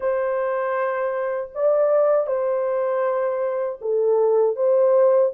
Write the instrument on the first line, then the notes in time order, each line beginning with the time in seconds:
horn
0.00 C5
1.54 D5
2.26 C5
3.81 A4
4.56 C5